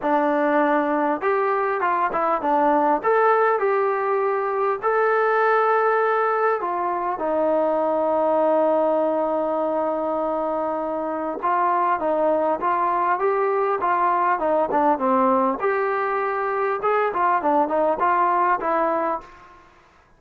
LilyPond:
\new Staff \with { instrumentName = "trombone" } { \time 4/4 \tempo 4 = 100 d'2 g'4 f'8 e'8 | d'4 a'4 g'2 | a'2. f'4 | dis'1~ |
dis'2. f'4 | dis'4 f'4 g'4 f'4 | dis'8 d'8 c'4 g'2 | gis'8 f'8 d'8 dis'8 f'4 e'4 | }